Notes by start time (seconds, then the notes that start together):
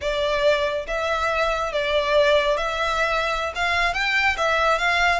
0.01 D5
0.87 E5
1.72 D5
2.57 E5
3.55 F5
3.93 G5
4.37 E5
4.78 F5